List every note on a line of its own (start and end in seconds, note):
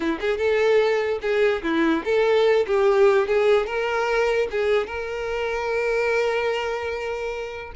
0.00 0.19 E4
0.20 0.37 G#4
0.37 1.19 A4
1.21 1.62 G#4
1.63 2.03 E4
2.04 2.65 A4
2.66 3.27 G4
3.27 3.66 G#4
3.66 4.47 A#4
4.50 4.86 G#4
4.86 7.72 A#4